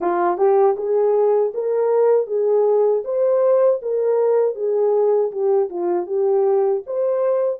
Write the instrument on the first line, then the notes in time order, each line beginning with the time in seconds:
horn
0.00 F4
0.37 G4
0.77 G#4
1.54 A#4
2.26 G#4
3.04 C5
3.82 A#4
4.55 G#4
5.31 G4
5.69 F4
6.06 G4
6.86 C5